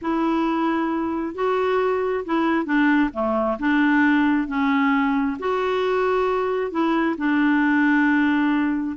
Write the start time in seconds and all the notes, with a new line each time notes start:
0.01 E4
1.34 F#4
2.25 E4
2.65 D4
3.13 A3
3.59 D4
4.47 C#4
5.39 F#4
6.71 E4
7.17 D4